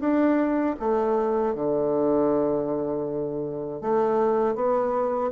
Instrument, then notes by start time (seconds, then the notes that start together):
bassoon
0.00 D4
0.79 A3
1.55 D3
3.81 A3
4.55 B3